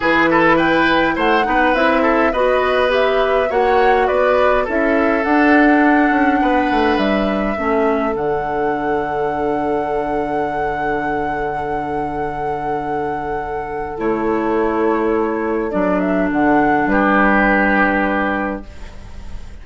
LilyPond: <<
  \new Staff \with { instrumentName = "flute" } { \time 4/4 \tempo 4 = 103 b'4 g''4 fis''4 e''4 | dis''4 e''4 fis''4 d''4 | e''4 fis''2. | e''2 fis''2~ |
fis''1~ | fis''1 | cis''2. d''8 e''8 | fis''4 b'2. | }
  \new Staff \with { instrumentName = "oboe" } { \time 4/4 gis'8 a'8 b'4 c''8 b'4 a'8 | b'2 cis''4 b'4 | a'2. b'4~ | b'4 a'2.~ |
a'1~ | a'1~ | a'1~ | a'4 g'2. | }
  \new Staff \with { instrumentName = "clarinet" } { \time 4/4 e'2~ e'8 dis'8 e'4 | fis'4 g'4 fis'2 | e'4 d'2.~ | d'4 cis'4 d'2~ |
d'1~ | d'1 | e'2. d'4~ | d'1 | }
  \new Staff \with { instrumentName = "bassoon" } { \time 4/4 e2 a8 b8 c'4 | b2 ais4 b4 | cis'4 d'4. cis'8 b8 a8 | g4 a4 d2~ |
d1~ | d1 | a2. fis4 | d4 g2. | }
>>